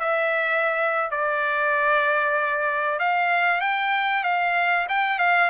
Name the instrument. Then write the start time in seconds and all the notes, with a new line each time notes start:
trumpet
0.00 E5
1.11 D5
2.99 F5
3.61 G5
4.23 F5
4.89 G5
5.18 F5